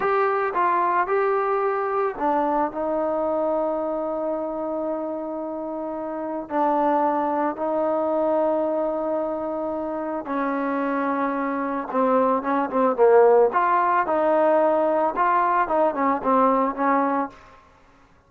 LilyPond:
\new Staff \with { instrumentName = "trombone" } { \time 4/4 \tempo 4 = 111 g'4 f'4 g'2 | d'4 dis'2.~ | dis'1 | d'2 dis'2~ |
dis'2. cis'4~ | cis'2 c'4 cis'8 c'8 | ais4 f'4 dis'2 | f'4 dis'8 cis'8 c'4 cis'4 | }